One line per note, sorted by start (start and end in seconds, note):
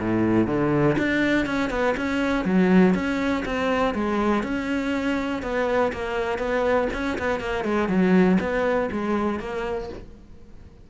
0.00 0.47 A2
0.47 0.96 D3
0.98 1.46 D4
1.46 1.70 C#4
1.70 1.95 B3
1.97 2.45 C#4
2.45 2.94 F#3
2.94 3.44 C#4
3.45 3.94 C4
3.94 4.43 G#3
4.43 5.42 C#4
5.42 5.92 B3
5.92 6.38 A#3
6.38 6.88 B3
6.93 7.18 C#4
7.18 7.40 B3
7.40 7.64 A#3
7.64 7.88 G#3
7.88 8.38 F#3
8.40 8.90 B3
8.91 9.40 G#3
9.40 9.89 A#3